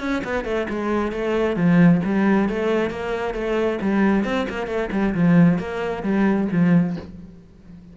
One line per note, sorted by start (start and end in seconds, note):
0.00 0.22 C#4
0.24 0.45 B3
0.45 0.67 A3
0.69 1.12 G#3
1.12 1.56 A3
1.56 2.01 F3
2.05 2.49 G3
2.49 2.90 A3
2.90 3.34 A#3
3.34 3.79 A3
3.81 4.24 G3
4.24 4.47 C4
4.49 4.67 A#3
4.67 4.89 A3
4.92 5.14 G3
5.14 5.58 F3
5.58 6.03 A#3
6.03 6.48 G3
6.52 6.96 F3